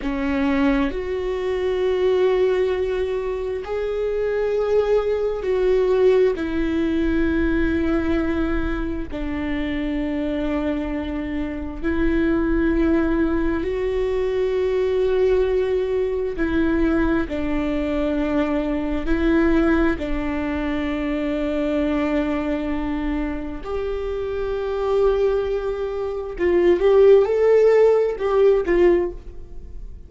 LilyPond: \new Staff \with { instrumentName = "viola" } { \time 4/4 \tempo 4 = 66 cis'4 fis'2. | gis'2 fis'4 e'4~ | e'2 d'2~ | d'4 e'2 fis'4~ |
fis'2 e'4 d'4~ | d'4 e'4 d'2~ | d'2 g'2~ | g'4 f'8 g'8 a'4 g'8 f'8 | }